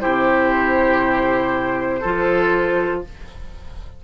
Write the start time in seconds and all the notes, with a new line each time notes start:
0.00 C3 E4 G4 C5
2.00 F3 F4 A4